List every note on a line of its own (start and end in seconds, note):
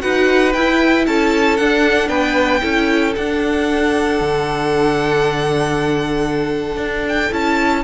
0.00 0.55 D#4
0.00 0.52 F#4
0.00 1.07 B4
0.00 0.53 F#5
0.53 1.07 E4
0.53 1.60 E4
0.53 1.06 G5
1.07 1.59 C#4
1.07 2.09 A4
1.07 1.57 A5
1.57 2.09 D4
1.57 2.62 D4
1.57 2.09 F#5
2.09 2.61 B3
2.09 2.61 B4
2.09 3.13 G5
2.62 3.16 C#4
2.62 3.14 E4
2.62 7.83 A4
3.16 4.21 D4
3.16 7.32 D4
3.16 7.07 F#5
4.21 6.77 D3
6.77 7.29 D4
7.09 7.34 G5
7.32 7.85 C#4
7.32 7.84 E4
7.32 7.85 A5